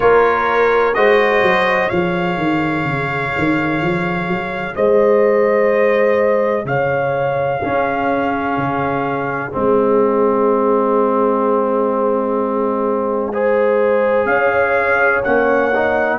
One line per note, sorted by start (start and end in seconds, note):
0.00 0.95 A#3
0.00 0.93 F4
0.00 0.96 A#4
0.00 0.94 C#5
0.94 1.42 G#3
0.94 1.90 F#4
0.94 1.88 C5
0.94 1.89 D#5
1.42 1.89 F#3
1.88 2.37 F3
1.88 7.62 G#4
1.88 4.74 C#5
1.88 4.75 F5
2.37 2.84 D#3
2.84 3.32 C#3
3.38 3.81 D#3
3.81 4.27 F3
4.27 4.75 F#3
4.75 6.64 G#3
4.75 6.66 C5
4.75 6.66 D#5
6.64 7.60 C#3
6.64 7.60 C#5
6.64 9.52 F5
7.60 9.51 C#4
7.60 8.57 C#4
7.60 13.32 G#4
8.57 9.52 C#3
9.51 14.25 G#3
9.51 13.32 C4
9.51 14.25 D#5
13.33 15.23 G#4
13.33 14.28 C5
14.25 15.20 C#4
14.25 16.18 C#5
14.25 15.21 F5
15.23 16.18 A#3
15.23 15.72 C#4
15.23 16.18 F#5
15.74 16.18 D#4